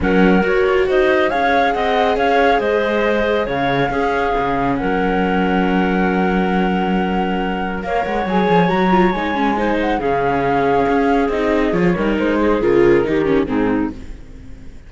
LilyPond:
<<
  \new Staff \with { instrumentName = "flute" } { \time 4/4 \tempo 4 = 138 fis''4 cis''4 dis''4 f''4 | fis''4 f''4 dis''2 | f''2. fis''4~ | fis''1~ |
fis''2 f''8 fis''8 gis''4 | ais''4 gis''4. fis''8 f''4~ | f''2 dis''4 cis''4 | c''4 ais'2 gis'4 | }
  \new Staff \with { instrumentName = "clarinet" } { \time 4/4 ais'2 c''4 cis''4 | dis''4 cis''4 c''2 | cis''4 gis'2 ais'4~ | ais'1~ |
ais'2 cis''2~ | cis''2 c''4 gis'4~ | gis'2.~ gis'8 ais'8~ | ais'8 gis'4. g'4 dis'4 | }
  \new Staff \with { instrumentName = "viola" } { \time 4/4 cis'4 fis'2 gis'4~ | gis'1~ | gis'4 cis'2.~ | cis'1~ |
cis'2 ais'4 gis'4 | fis'8 f'8 dis'8 cis'8 dis'4 cis'4~ | cis'2 dis'4 f'8 dis'8~ | dis'4 f'4 dis'8 cis'8 c'4 | }
  \new Staff \with { instrumentName = "cello" } { \time 4/4 fis4 fis'8 f'8 dis'4 cis'4 | c'4 cis'4 gis2 | cis4 cis'4 cis4 fis4~ | fis1~ |
fis2 ais8 gis8 fis8 f8 | fis4 gis2 cis4~ | cis4 cis'4 c'4 f8 g8 | gis4 cis4 dis4 gis,4 | }
>>